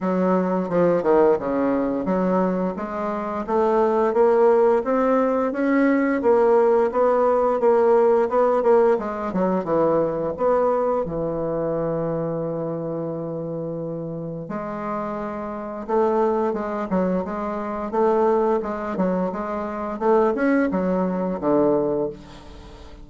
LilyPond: \new Staff \with { instrumentName = "bassoon" } { \time 4/4 \tempo 4 = 87 fis4 f8 dis8 cis4 fis4 | gis4 a4 ais4 c'4 | cis'4 ais4 b4 ais4 | b8 ais8 gis8 fis8 e4 b4 |
e1~ | e4 gis2 a4 | gis8 fis8 gis4 a4 gis8 fis8 | gis4 a8 cis'8 fis4 d4 | }